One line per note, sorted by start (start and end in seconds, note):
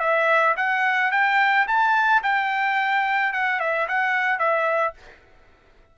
0.00 0.55 E5
0.57 1.12 F#5
1.12 1.67 G5
1.67 2.22 A5
2.23 3.33 G5
3.33 3.60 F#5
3.60 3.87 E5
3.88 4.39 F#5
4.39 4.94 E5